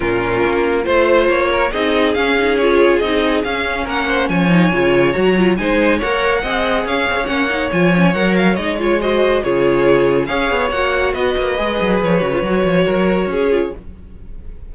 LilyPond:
<<
  \new Staff \with { instrumentName = "violin" } { \time 4/4 \tempo 4 = 140 ais'2 c''4 cis''4 | dis''4 f''4 cis''4 dis''4 | f''4 fis''4 gis''2 | ais''4 gis''4 fis''2 |
f''4 fis''4 gis''4 fis''8 f''8 | dis''8 cis''8 dis''4 cis''2 | f''4 fis''4 dis''2 | cis''1 | }
  \new Staff \with { instrumentName = "violin" } { \time 4/4 f'2 c''4. ais'8 | gis'1~ | gis'4 ais'8 c''8 cis''2~ | cis''4 c''4 cis''4 dis''4 |
cis''1~ | cis''4 c''4 gis'2 | cis''2 b'2~ | b'2 ais'4 gis'4 | }
  \new Staff \with { instrumentName = "viola" } { \time 4/4 cis'2 f'2 | dis'4 cis'8 dis'8 f'4 dis'4 | cis'2~ cis'8 dis'8 f'4 | fis'8 f'8 dis'4 ais'4 gis'4~ |
gis'4 cis'8 dis'8 f'8 cis'8 ais'4 | dis'8 f'8 fis'4 f'2 | gis'4 fis'2 gis'4~ | gis'8 fis'16 f'16 fis'2~ fis'8 f'8 | }
  \new Staff \with { instrumentName = "cello" } { \time 4/4 ais,4 ais4 a4 ais4 | c'4 cis'2 c'4 | cis'4 ais4 f4 cis4 | fis4 gis4 ais4 c'4 |
cis'8 c'16 cis'16 ais4 f4 fis4 | gis2 cis2 | cis'8 b8 ais4 b8 ais8 gis8 fis8 | f8 cis8 fis8 f8 fis4 cis'4 | }
>>